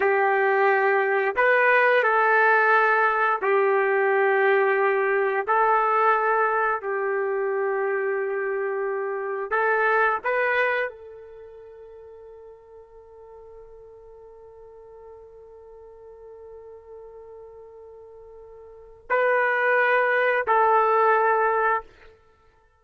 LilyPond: \new Staff \with { instrumentName = "trumpet" } { \time 4/4 \tempo 4 = 88 g'2 b'4 a'4~ | a'4 g'2. | a'2 g'2~ | g'2 a'4 b'4 |
a'1~ | a'1~ | a'1 | b'2 a'2 | }